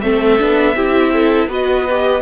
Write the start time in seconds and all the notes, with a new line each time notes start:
0.00 A3 C4 A4 E5
0.38 B3 D4
0.76 C4 E4 G4
1.13 A4
1.47 B3 F#4 B4 D#5
1.90 G4